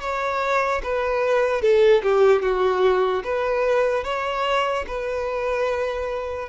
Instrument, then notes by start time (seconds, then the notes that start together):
violin
0.00 C#5
0.83 B4
1.61 A4
2.03 G4
2.42 F#4
3.24 B4
4.04 C#5
4.87 B4